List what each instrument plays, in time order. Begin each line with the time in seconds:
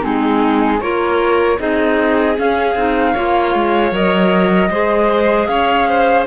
0.00 cello G#3, clarinet C4, violin D#4, flute G#4
0.80 cello A#3, clarinet F4, violin A#4, flute C#5
1.58 cello C4, clarinet D#4, violin G#4, flute D#5
2.36 clarinet C#4, cello C#4, flute F5
2.75 cello C4, clarinet D#4
3.13 cello A#3, clarinet F4, violin C#5
3.55 cello G#3
3.92 cello F#3, clarinet A#4, flute D#5
4.70 cello G#3, clarinet G#4, violin C5
5.47 cello C#4, violin C#5, flute F5
5.88 violin C5